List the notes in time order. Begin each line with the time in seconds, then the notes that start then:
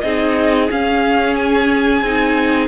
0.00 C4 D#4 G#4 D#5
0.70 C#4 F5
1.35 G#5
2.01 C4 D#4